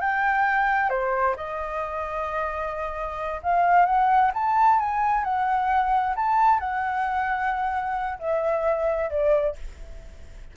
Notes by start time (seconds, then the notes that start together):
0.00 G5
0.89 C5
1.36 D#5
3.42 F5
3.85 F#5
4.34 A5
4.79 G#5
5.24 F#5
6.15 A5
6.59 F#5
8.19 E5
9.10 D5